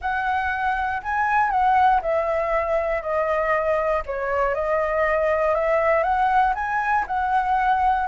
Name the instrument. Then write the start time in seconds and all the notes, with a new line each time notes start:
flute
0.01 F#5
1.02 G#5
1.50 F#5
2.01 E5
3.02 D#5
4.05 C#5
4.54 D#5
5.54 E5
6.03 F#5
6.55 G#5
7.07 F#5